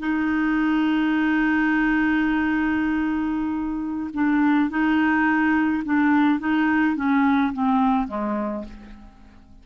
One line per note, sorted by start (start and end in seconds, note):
0.00 4.10 D#4
4.14 4.70 D4
4.70 5.84 D#4
5.85 6.40 D4
6.40 6.96 D#4
6.96 7.53 C#4
7.54 8.08 C4
8.08 8.64 G#3